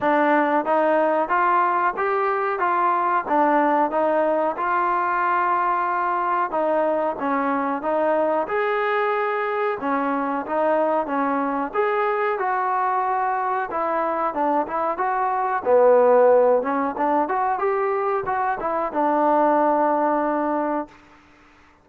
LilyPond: \new Staff \with { instrumentName = "trombone" } { \time 4/4 \tempo 4 = 92 d'4 dis'4 f'4 g'4 | f'4 d'4 dis'4 f'4~ | f'2 dis'4 cis'4 | dis'4 gis'2 cis'4 |
dis'4 cis'4 gis'4 fis'4~ | fis'4 e'4 d'8 e'8 fis'4 | b4. cis'8 d'8 fis'8 g'4 | fis'8 e'8 d'2. | }